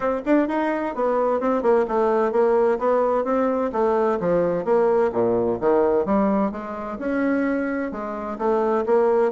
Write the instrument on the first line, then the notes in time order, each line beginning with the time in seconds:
bassoon
0.00 C4
0.25 D4
0.48 D#4
0.95 B3
1.40 C4
1.62 A#3
1.88 A3
2.32 A#3
2.78 B3
3.24 C4
3.72 A3
4.20 F3
4.64 A#3
5.12 A#2
5.60 D#3
6.05 G3
6.51 G#3
6.99 C#4
7.91 G#3
8.38 A3
8.86 A#3